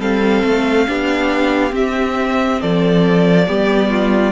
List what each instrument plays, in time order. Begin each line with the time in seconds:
0.00 cello G3, viola C4, violin A4 F5
0.44 cello A3
0.87 cello B3, viola D4, violin G4
1.70 viola C4, cello C4, violin E5
2.61 cello F3, violin A4 D5
3.48 cello G3, viola B3, violin G4
3.90 violin F4